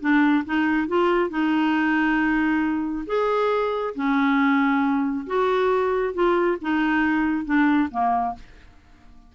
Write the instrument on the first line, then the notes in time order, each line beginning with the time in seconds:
clarinet
0.00 D4
0.44 D#4
0.88 F4
1.29 D#4
3.06 G#4
3.95 C#4
5.26 F#4
6.13 F4
6.61 D#4
7.45 D4
7.91 A#3